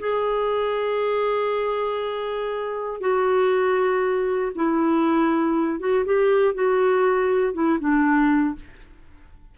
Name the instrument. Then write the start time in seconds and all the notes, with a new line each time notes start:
clarinet
0.00 G#4
3.01 F#4
4.55 E4
5.80 F#4
6.05 G4
6.55 F#4
7.54 E4
7.80 D4